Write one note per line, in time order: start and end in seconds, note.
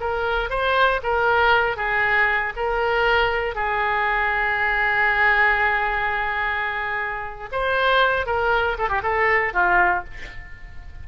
0.00 0.49 A#4
0.49 1.00 C5
1.03 1.76 A#4
1.76 2.53 G#4
2.56 3.55 A#4
3.55 7.49 G#4
7.51 8.26 C5
8.26 8.77 A#4
8.78 8.89 A4
8.89 9.01 G4
9.02 9.53 A4
9.53 10.04 F4